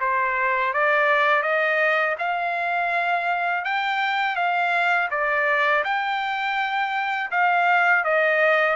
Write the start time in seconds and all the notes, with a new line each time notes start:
0.00 C5
0.73 D5
1.42 D#5
2.19 F5
3.65 G5
4.36 F5
5.11 D5
5.84 G5
7.31 F5
8.04 D#5